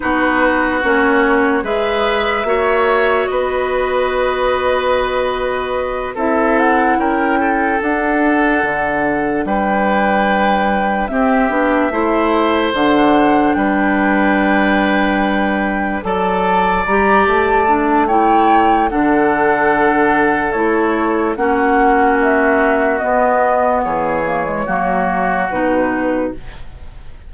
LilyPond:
<<
  \new Staff \with { instrumentName = "flute" } { \time 4/4 \tempo 4 = 73 b'4 cis''4 e''2 | dis''2.~ dis''8 e''8 | fis''8 g''4 fis''2 g''8~ | g''4. e''2 fis''8~ |
fis''8 g''2. a''8~ | a''8 ais''8 a''4 g''4 fis''4~ | fis''4 cis''4 fis''4 e''4 | dis''4 cis''2 b'4 | }
  \new Staff \with { instrumentName = "oboe" } { \time 4/4 fis'2 b'4 cis''4 | b'2.~ b'8 a'8~ | a'8 ais'8 a'2~ a'8 b'8~ | b'4. g'4 c''4.~ |
c''8 b'2. d''8~ | d''2 cis''4 a'4~ | a'2 fis'2~ | fis'4 gis'4 fis'2 | }
  \new Staff \with { instrumentName = "clarinet" } { \time 4/4 dis'4 cis'4 gis'4 fis'4~ | fis'2.~ fis'8 e'8~ | e'4. d'2~ d'8~ | d'4. c'8 d'8 e'4 d'8~ |
d'2.~ d'8 a'8~ | a'8 g'4 d'8 e'4 d'4~ | d'4 e'4 cis'2 | b4. ais16 gis16 ais4 dis'4 | }
  \new Staff \with { instrumentName = "bassoon" } { \time 4/4 b4 ais4 gis4 ais4 | b2.~ b8 c'8~ | c'8 cis'4 d'4 d4 g8~ | g4. c'8 b8 a4 d8~ |
d8 g2. fis8~ | fis8 g8 a2 d4~ | d4 a4 ais2 | b4 e4 fis4 b,4 | }
>>